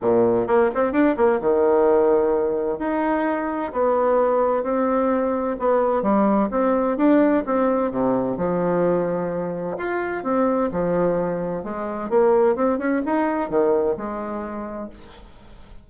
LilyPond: \new Staff \with { instrumentName = "bassoon" } { \time 4/4 \tempo 4 = 129 ais,4 ais8 c'8 d'8 ais8 dis4~ | dis2 dis'2 | b2 c'2 | b4 g4 c'4 d'4 |
c'4 c4 f2~ | f4 f'4 c'4 f4~ | f4 gis4 ais4 c'8 cis'8 | dis'4 dis4 gis2 | }